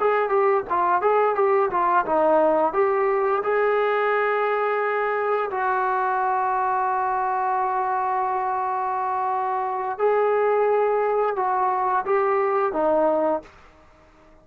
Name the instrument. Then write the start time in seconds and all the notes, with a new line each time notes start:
trombone
0.00 G#4
0.29 G4
0.69 F4
1.02 G#4
1.35 G4
1.71 F4
2.06 D#4
2.73 G4
3.43 G#4
5.50 F#4
9.98 G#4
11.36 F#4
12.06 G4
12.73 D#4